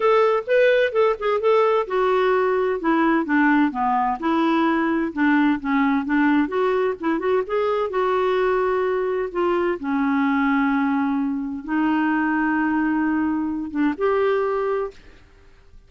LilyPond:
\new Staff \with { instrumentName = "clarinet" } { \time 4/4 \tempo 4 = 129 a'4 b'4 a'8 gis'8 a'4 | fis'2 e'4 d'4 | b4 e'2 d'4 | cis'4 d'4 fis'4 e'8 fis'8 |
gis'4 fis'2. | f'4 cis'2.~ | cis'4 dis'2.~ | dis'4. d'8 g'2 | }